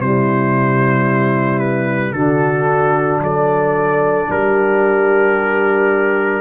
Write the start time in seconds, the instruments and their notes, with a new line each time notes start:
0.00 tuba C3, trombone G3, horn E4, trumpet C5
1.59 trumpet B4
2.12 tuba D3, trombone D4, horn F#4, trumpet A4
3.20 tuba F#3, horn A4, trumpet D5
4.30 tuba G3, horn G4, trumpet A#4